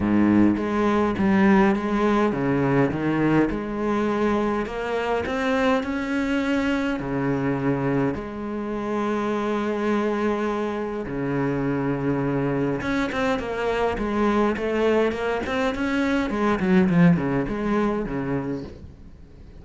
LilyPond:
\new Staff \with { instrumentName = "cello" } { \time 4/4 \tempo 4 = 103 gis,4 gis4 g4 gis4 | cis4 dis4 gis2 | ais4 c'4 cis'2 | cis2 gis2~ |
gis2. cis4~ | cis2 cis'8 c'8 ais4 | gis4 a4 ais8 c'8 cis'4 | gis8 fis8 f8 cis8 gis4 cis4 | }